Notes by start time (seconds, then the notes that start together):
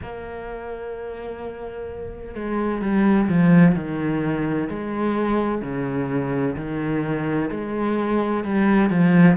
0.02 A#3
2.34 G#3
2.81 G3
3.28 F3
3.75 D#3
4.69 G#3
5.61 C#3
6.56 D#3
7.50 G#3
8.44 G3
8.90 F3